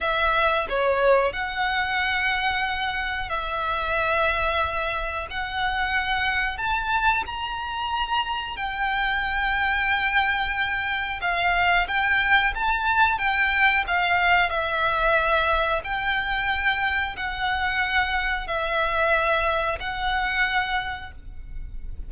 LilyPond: \new Staff \with { instrumentName = "violin" } { \time 4/4 \tempo 4 = 91 e''4 cis''4 fis''2~ | fis''4 e''2. | fis''2 a''4 ais''4~ | ais''4 g''2.~ |
g''4 f''4 g''4 a''4 | g''4 f''4 e''2 | g''2 fis''2 | e''2 fis''2 | }